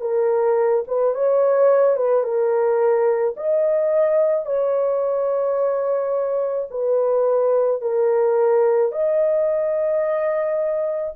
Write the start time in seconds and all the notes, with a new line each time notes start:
0.00 A#4
0.87 B4
1.14 C#5
1.96 B4
2.23 A#4
3.36 D#5
4.45 C#5
6.70 B4
7.81 A#4
8.91 D#5